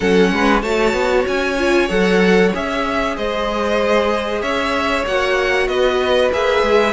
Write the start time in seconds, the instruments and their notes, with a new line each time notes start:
0.00 cello F#3, viola C#4, violin A4 F#5
0.32 cello G#3, violin B4
0.62 cello A3, viola F#4, violin C#5 A5
0.93 cello B3
1.27 cello C#4, violin G#5
1.58 viola F4
1.88 cello F#3, viola A4, violin F#5
2.53 cello C#4, viola G#4, violin E5
3.16 cello G#3, violin C5 D#5
4.41 cello C#4, violin C#5 E5
5.06 cello A#3, viola F#4, violin F#5
5.67 cello B3, violin B4 D#5
6.32 cello A#3, viola G#4, violin E5
6.62 cello G#3